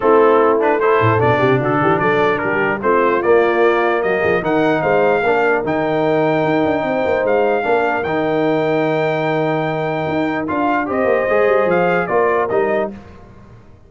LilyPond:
<<
  \new Staff \with { instrumentName = "trumpet" } { \time 4/4 \tempo 4 = 149 a'4. b'8 c''4 d''4 | a'4 d''4 ais'4 c''4 | d''2 dis''4 fis''4 | f''2 g''2~ |
g''2 f''2 | g''1~ | g''2 f''4 dis''4~ | dis''4 f''4 d''4 dis''4 | }
  \new Staff \with { instrumentName = "horn" } { \time 4/4 e'2 a'4. g'8 | fis'8 g'8 a'4 g'4 f'4~ | f'2 fis'8 gis'8 ais'4 | c''4 ais'2.~ |
ais'4 c''2 ais'4~ | ais'1~ | ais'2. c''4~ | c''2 ais'2 | }
  \new Staff \with { instrumentName = "trombone" } { \time 4/4 c'4. d'8 e'4 d'4~ | d'2. c'4 | ais2. dis'4~ | dis'4 d'4 dis'2~ |
dis'2. d'4 | dis'1~ | dis'2 f'4 g'4 | gis'2 f'4 dis'4 | }
  \new Staff \with { instrumentName = "tuba" } { \time 4/4 a2~ a8 a,8 b,8 c8 | d8 e8 fis4 g4 a4 | ais2 fis8 f8 dis4 | gis4 ais4 dis2 |
dis'8 d'8 c'8 ais8 gis4 ais4 | dis1~ | dis4 dis'4 d'4 c'8 ais8 | gis8 g8 f4 ais4 g4 | }
>>